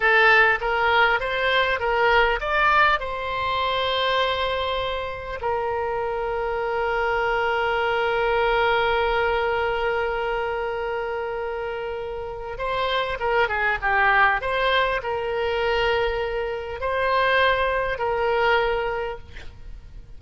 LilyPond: \new Staff \with { instrumentName = "oboe" } { \time 4/4 \tempo 4 = 100 a'4 ais'4 c''4 ais'4 | d''4 c''2.~ | c''4 ais'2.~ | ais'1~ |
ais'1~ | ais'4 c''4 ais'8 gis'8 g'4 | c''4 ais'2. | c''2 ais'2 | }